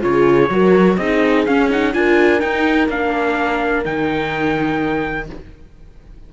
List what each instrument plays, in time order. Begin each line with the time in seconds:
0.00 cello C#3, viola F4, horn G#4, trumpet C#5
0.49 cello F#3, viola F#4, horn A#4
0.96 cello C4, viola D#4, horn G#4, trumpet D#5
1.46 viola C#4, cello C#4, trumpet F5
1.70 viola D#4, trumpet F#5
1.93 cello D4, viola F4, horn A#4, trumpet G#5
2.39 viola D#4, cello D#4, trumpet G5
2.88 cello A#3, viola D4, trumpet F5
3.85 cello D#3, viola D#4, trumpet G5